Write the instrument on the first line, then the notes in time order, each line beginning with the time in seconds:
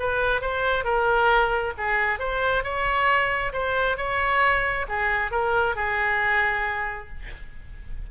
oboe
0.00 B4
0.42 C5
0.85 A#4
1.78 G#4
2.20 C5
2.64 C#5
3.53 C5
3.98 C#5
4.89 G#4
5.32 A#4
5.76 G#4